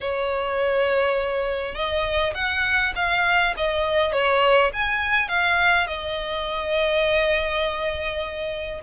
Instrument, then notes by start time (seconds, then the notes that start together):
violin
0.01 C#5
1.74 D#5
2.34 F#5
2.95 F5
3.56 D#5
4.12 C#5
4.73 G#5
5.28 F5
5.87 D#5